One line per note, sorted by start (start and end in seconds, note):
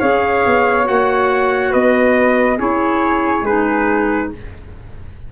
0.00 0.46 C#4
0.00 0.84 G#4
0.00 1.71 C#5
0.00 0.87 F5
0.46 0.89 B3
0.84 1.74 A#3
0.84 2.56 F#4
0.84 1.73 F#5
1.71 2.59 B3
1.71 2.57 B4
1.71 2.59 D#5
2.58 3.42 C#4
2.58 3.44 E4
2.58 4.29 G#4
2.58 3.46 C#5
3.42 4.28 G#3
3.42 4.32 D#4
3.42 4.31 B4